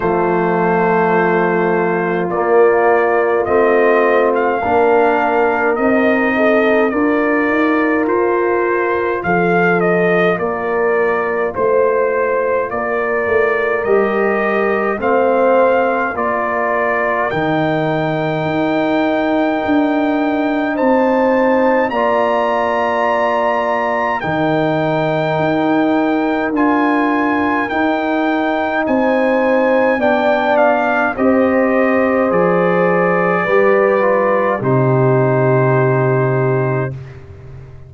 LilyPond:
<<
  \new Staff \with { instrumentName = "trumpet" } { \time 4/4 \tempo 4 = 52 c''2 d''4 dis''8. f''16~ | f''4 dis''4 d''4 c''4 | f''8 dis''8 d''4 c''4 d''4 | dis''4 f''4 d''4 g''4~ |
g''2 a''4 ais''4~ | ais''4 g''2 gis''4 | g''4 gis''4 g''8 f''8 dis''4 | d''2 c''2 | }
  \new Staff \with { instrumentName = "horn" } { \time 4/4 f'1 | ais'4. a'8 ais'2 | a'4 ais'4 c''4 ais'4~ | ais'4 c''4 ais'2~ |
ais'2 c''4 d''4~ | d''4 ais'2.~ | ais'4 c''4 d''4 c''4~ | c''4 b'4 g'2 | }
  \new Staff \with { instrumentName = "trombone" } { \time 4/4 a2 ais4 c'4 | d'4 dis'4 f'2~ | f'1 | g'4 c'4 f'4 dis'4~ |
dis'2. f'4~ | f'4 dis'2 f'4 | dis'2 d'4 g'4 | gis'4 g'8 f'8 dis'2 | }
  \new Staff \with { instrumentName = "tuba" } { \time 4/4 f2 ais4 a4 | ais4 c'4 d'8 dis'8 f'4 | f4 ais4 a4 ais8 a8 | g4 a4 ais4 dis4 |
dis'4 d'4 c'4 ais4~ | ais4 dis4 dis'4 d'4 | dis'4 c'4 b4 c'4 | f4 g4 c2 | }
>>